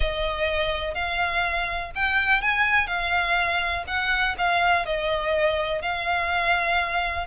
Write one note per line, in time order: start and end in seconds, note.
0.00 0.94 D#5
0.94 1.91 F5
1.95 2.41 G5
2.41 2.87 G#5
2.87 3.84 F5
3.87 4.35 F#5
4.38 4.85 F5
4.85 5.81 D#5
5.81 7.26 F5